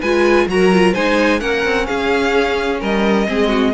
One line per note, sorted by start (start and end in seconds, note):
0.00 0.46 G#3
0.00 0.49 F4
0.00 0.47 B4
0.00 0.47 G#5
0.46 0.93 F#3
0.46 0.71 F#4
0.46 0.93 A#4
0.46 0.94 A#5
0.71 0.95 F4
0.93 1.41 G#3
0.93 1.40 D#4
0.93 1.39 C5
0.93 1.40 G#5
1.40 1.64 A#3
1.40 3.26 C#4
1.40 1.87 A#4
1.40 1.86 F#5
1.64 1.87 C4
1.86 2.81 C#4
1.86 2.80 G#4
1.86 2.79 F5
2.80 3.28 G3
2.80 3.26 A#4
2.80 3.73 D#5
3.27 3.73 G#3
3.27 3.73 C4
3.27 3.48 G#4
3.48 3.71 F#4